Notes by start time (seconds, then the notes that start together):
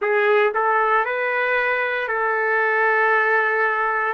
0.01 G#4
0.54 A4
1.05 B4
2.08 A4